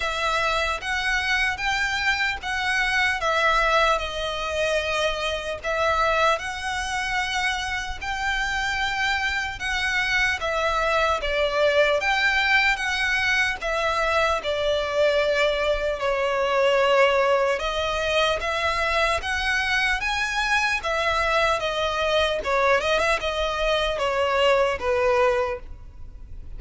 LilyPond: \new Staff \with { instrumentName = "violin" } { \time 4/4 \tempo 4 = 75 e''4 fis''4 g''4 fis''4 | e''4 dis''2 e''4 | fis''2 g''2 | fis''4 e''4 d''4 g''4 |
fis''4 e''4 d''2 | cis''2 dis''4 e''4 | fis''4 gis''4 e''4 dis''4 | cis''8 dis''16 e''16 dis''4 cis''4 b'4 | }